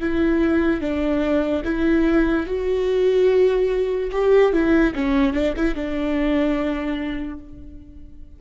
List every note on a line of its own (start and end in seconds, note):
0.00 0.81 E4
0.81 1.63 D4
1.64 2.46 E4
2.46 4.11 F#4
4.12 4.53 G4
4.53 4.94 E4
4.95 5.33 C#4
5.33 5.54 D4
5.56 5.75 E4
5.75 7.39 D4